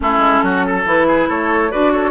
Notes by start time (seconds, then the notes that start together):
0.00 A3 C#4 E4 A4
0.18 G#3
0.42 F#3 F#4
0.66 A4
0.85 E3 E4 B4
1.07 G#4
1.28 A3 A4 C#5
1.70 D4 F#4 B4 D5
1.92 A4 C#5